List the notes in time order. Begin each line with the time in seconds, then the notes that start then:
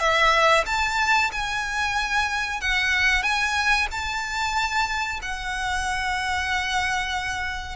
0.00 E5
0.67 A5
1.33 G#5
2.61 F#5
3.23 G#5
3.91 A5
5.22 F#5